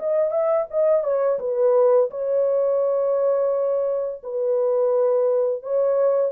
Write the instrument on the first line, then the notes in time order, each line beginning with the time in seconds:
horn
0.00 D#5
0.31 E5
0.71 D#5
1.04 C#5
1.40 B4
2.11 C#5
4.24 B4
5.63 C#5